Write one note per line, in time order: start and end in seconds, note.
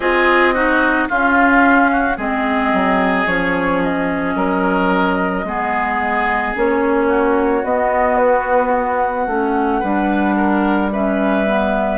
0.00 1.08 C4
0.00 0.54 F4
0.00 0.53 G#4
0.00 1.08 D#5
0.53 1.09 D#4
0.53 1.08 F#4
1.08 2.17 C#4
1.08 1.90 F4
1.08 2.18 F5
1.92 2.16 F#4
2.16 2.72 G#3
2.16 3.26 C4
2.16 4.35 G#4
2.16 3.27 D#5
2.72 3.26 F#3
3.26 4.35 F3
3.26 5.45 C#4
3.26 3.81 C#5
3.82 6.55 D#5
4.35 5.43 F#3
4.35 5.45 A#4
5.43 6.52 G#3
5.43 6.55 B3
5.43 7.07 G#4
6.55 7.63 A#3
6.55 7.64 C#4
6.55 7.64 C#5
7.07 9.79 F#4
7.63 9.27 B3
7.63 9.28 B3
7.63 8.16 D#5
8.16 8.71 B4
8.72 10.90 F#5
9.27 9.81 A3
9.27 9.83 C#4
9.79 11.98 G3
9.79 10.92 D4
9.79 10.34 B4
10.37 10.91 A#4
10.92 11.46 C#4
10.92 11.98 B4
10.92 11.98 E5
11.46 11.98 B3